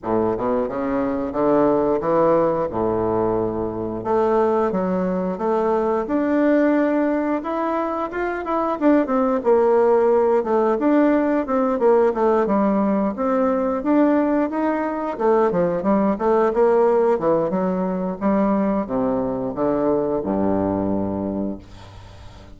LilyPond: \new Staff \with { instrumentName = "bassoon" } { \time 4/4 \tempo 4 = 89 a,8 b,8 cis4 d4 e4 | a,2 a4 fis4 | a4 d'2 e'4 | f'8 e'8 d'8 c'8 ais4. a8 |
d'4 c'8 ais8 a8 g4 c'8~ | c'8 d'4 dis'4 a8 f8 g8 | a8 ais4 e8 fis4 g4 | c4 d4 g,2 | }